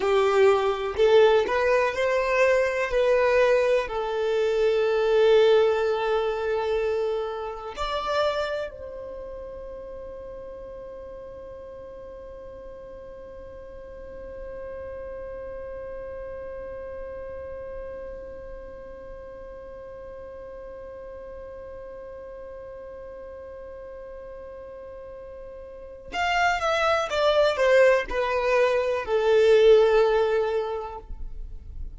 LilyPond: \new Staff \with { instrumentName = "violin" } { \time 4/4 \tempo 4 = 62 g'4 a'8 b'8 c''4 b'4 | a'1 | d''4 c''2.~ | c''1~ |
c''1~ | c''1~ | c''2. f''8 e''8 | d''8 c''8 b'4 a'2 | }